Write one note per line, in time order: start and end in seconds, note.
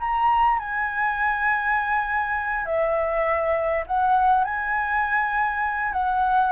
0.00 0.59 A#5
0.59 2.66 G#5
2.66 3.85 E5
3.87 4.44 F#5
4.44 5.93 G#5
5.93 6.52 F#5